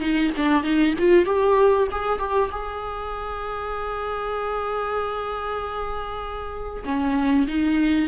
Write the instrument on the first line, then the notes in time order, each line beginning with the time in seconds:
viola
0.00 D#4
0.37 D4
0.64 D#4
0.99 F4
1.26 G4
1.91 G#4
2.19 G4
2.52 G#4
6.85 C#4
7.48 D#4